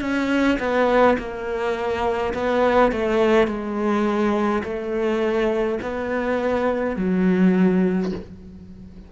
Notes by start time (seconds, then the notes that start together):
0.00 C#4
0.59 B3
1.17 A#3
2.33 B3
2.92 A3
3.47 G#3
4.63 A3
5.82 B3
6.96 F#3